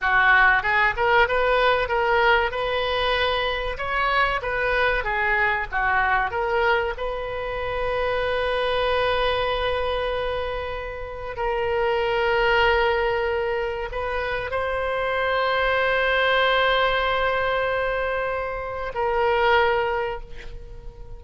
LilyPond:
\new Staff \with { instrumentName = "oboe" } { \time 4/4 \tempo 4 = 95 fis'4 gis'8 ais'8 b'4 ais'4 | b'2 cis''4 b'4 | gis'4 fis'4 ais'4 b'4~ | b'1~ |
b'2 ais'2~ | ais'2 b'4 c''4~ | c''1~ | c''2 ais'2 | }